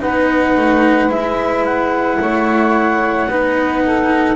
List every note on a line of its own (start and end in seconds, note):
0.00 0.57 B3
0.00 1.09 D#4
0.00 2.18 B4
0.00 1.11 F#5
0.57 1.09 A3
1.09 2.18 G#3
1.09 3.27 E4
1.09 1.65 E5
1.65 4.36 F#5
2.20 3.28 A3
2.20 3.30 C#5
3.28 4.36 B3
3.28 4.36 D#4
3.28 3.83 B4
3.83 4.36 A4